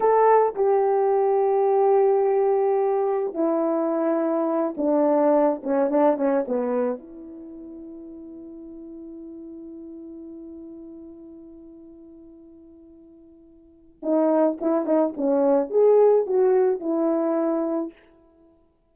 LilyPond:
\new Staff \with { instrumentName = "horn" } { \time 4/4 \tempo 4 = 107 a'4 g'2.~ | g'2 e'2~ | e'8 d'4. cis'8 d'8 cis'8 b8~ | b8 e'2.~ e'8~ |
e'1~ | e'1~ | e'4 dis'4 e'8 dis'8 cis'4 | gis'4 fis'4 e'2 | }